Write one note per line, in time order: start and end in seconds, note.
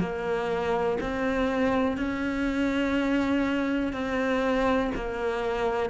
0.00 0.98 A#3
1.00 1.97 C4
1.97 3.93 C#4
3.93 4.91 C4
4.95 5.90 A#3